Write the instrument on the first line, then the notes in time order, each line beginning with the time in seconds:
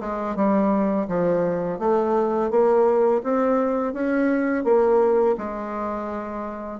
bassoon
0.00 G#3
0.35 G3
1.07 F3
1.79 A3
2.50 A#3
3.23 C4
3.93 C#4
4.64 A#3
5.37 G#3